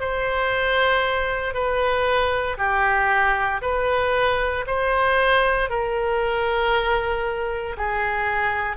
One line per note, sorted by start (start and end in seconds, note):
0.00 1.54 C5
1.54 2.57 B4
2.58 3.61 G4
3.62 4.65 B4
4.67 5.69 C5
5.69 7.76 A#4
7.77 8.76 G#4